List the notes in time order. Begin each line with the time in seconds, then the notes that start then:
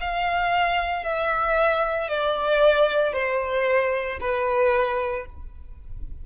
0.00 F5
1.03 E5
2.08 D5
3.12 C5
4.20 B4